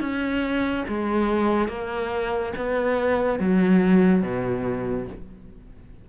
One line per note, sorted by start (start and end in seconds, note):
0.00 0.85 C#4
0.88 1.68 G#3
1.68 2.53 A#3
2.56 3.39 B3
3.39 4.22 F#3
4.22 5.07 B2